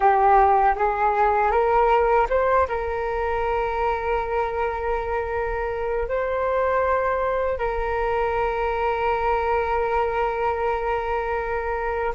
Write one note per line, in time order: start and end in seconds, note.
0.00 0.74 G4
0.75 1.51 G#4
1.51 2.27 A#4
2.29 2.67 C5
2.68 6.08 A#4
6.08 7.58 C5
7.58 12.14 A#4